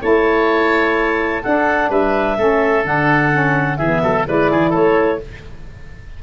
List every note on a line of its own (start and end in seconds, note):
0.00 1.44 A3
0.00 1.42 E4
0.00 1.43 C#5
0.00 1.44 A5
1.43 2.38 D4
1.43 1.90 D4
1.43 1.90 A4
1.43 1.91 F#5
1.90 2.38 G3
1.90 2.38 B4
1.90 2.86 E5
2.38 2.85 A3
2.38 2.84 C#4
2.38 3.78 A4
2.84 3.79 D3
2.84 3.31 D4
2.84 3.77 F#5
3.32 3.79 C#4
3.77 4.03 E3
3.77 4.26 B3
3.77 4.02 G#4
3.77 4.25 E5
4.04 4.28 F#3
4.04 4.27 A4
4.26 4.52 G#3
4.26 5.21 E4
4.26 4.52 B4
4.26 4.74 D5
4.52 4.76 E3
4.52 4.70 G#4
4.70 5.23 A3
4.70 5.18 A4
4.70 5.21 C#5